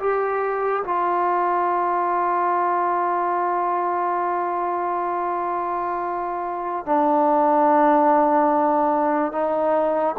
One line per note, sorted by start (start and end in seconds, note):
0.00 0.83 G4
0.84 6.86 F4
6.86 9.32 D4
9.32 10.16 D#4